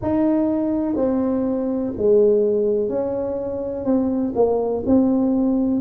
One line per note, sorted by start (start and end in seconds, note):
0.02 0.95 D#4
0.95 1.92 C4
1.97 2.88 G#3
2.88 3.84 C#4
3.84 4.33 C4
4.35 4.83 A#3
4.86 5.80 C4